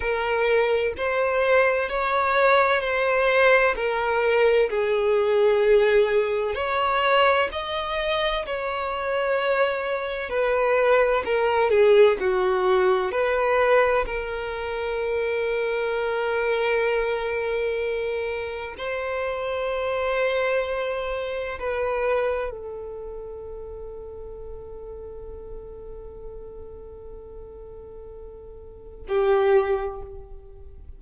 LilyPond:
\new Staff \with { instrumentName = "violin" } { \time 4/4 \tempo 4 = 64 ais'4 c''4 cis''4 c''4 | ais'4 gis'2 cis''4 | dis''4 cis''2 b'4 | ais'8 gis'8 fis'4 b'4 ais'4~ |
ais'1 | c''2. b'4 | a'1~ | a'2. g'4 | }